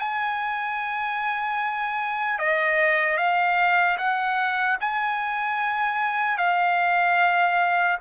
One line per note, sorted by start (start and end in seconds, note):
0.00 2.39 G#5
2.39 3.18 D#5
3.18 3.98 F5
3.98 4.78 F#5
4.81 6.38 G#5
6.38 7.98 F5